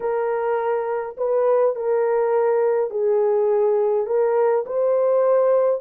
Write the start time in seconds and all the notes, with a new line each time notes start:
0.00 A#4
1.17 B4
1.75 A#4
2.90 G#4
4.06 A#4
4.66 C5